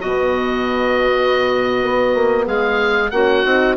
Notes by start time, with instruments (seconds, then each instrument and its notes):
0.00 bassoon B2, horn B3, clarinet F#4, oboe D#5
1.83 bassoon B3
2.15 bassoon A#3
2.45 bassoon G#3, clarinet G#4, oboe F5
3.10 bassoon A#3, horn C#4, clarinet F#4, oboe F#5
3.44 bassoon C4, horn D#4